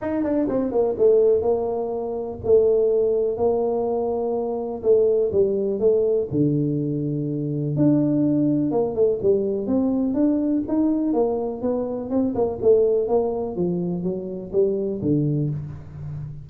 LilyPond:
\new Staff \with { instrumentName = "tuba" } { \time 4/4 \tempo 4 = 124 dis'8 d'8 c'8 ais8 a4 ais4~ | ais4 a2 ais4~ | ais2 a4 g4 | a4 d2. |
d'2 ais8 a8 g4 | c'4 d'4 dis'4 ais4 | b4 c'8 ais8 a4 ais4 | f4 fis4 g4 d4 | }